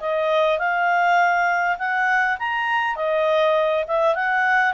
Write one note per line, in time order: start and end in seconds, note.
0.00 0.58 D#5
0.58 1.77 F5
1.78 2.37 F#5
2.39 2.96 A#5
2.96 3.85 D#5
3.87 4.15 E5
4.15 4.73 F#5